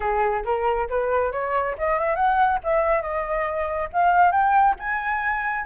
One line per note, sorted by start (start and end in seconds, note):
0.00 0.43 G#4
0.45 0.88 A#4
0.89 1.32 B4
1.32 1.75 C#5
1.77 1.99 D#5
1.99 2.15 E5
2.15 2.59 F#5
2.63 3.01 E5
3.01 3.88 D#5
3.92 4.31 F5
4.31 4.75 G5
4.79 5.65 G#5